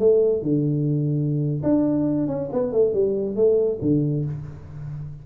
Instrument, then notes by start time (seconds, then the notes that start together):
tuba
0.00 A3
0.42 D3
1.64 D4
2.28 C#4
2.53 B3
2.73 A3
2.94 G3
3.36 A3
3.82 D3